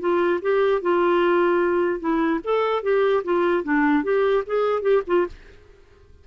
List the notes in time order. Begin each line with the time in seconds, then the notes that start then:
0.00 F4
0.42 G4
0.82 F4
2.00 E4
2.44 A4
2.83 G4
3.24 F4
3.64 D4
4.04 G4
4.46 G#4
4.82 G4
5.07 F4